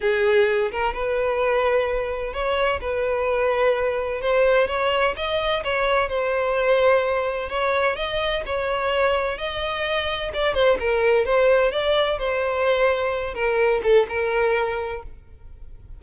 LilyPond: \new Staff \with { instrumentName = "violin" } { \time 4/4 \tempo 4 = 128 gis'4. ais'8 b'2~ | b'4 cis''4 b'2~ | b'4 c''4 cis''4 dis''4 | cis''4 c''2. |
cis''4 dis''4 cis''2 | dis''2 d''8 c''8 ais'4 | c''4 d''4 c''2~ | c''8 ais'4 a'8 ais'2 | }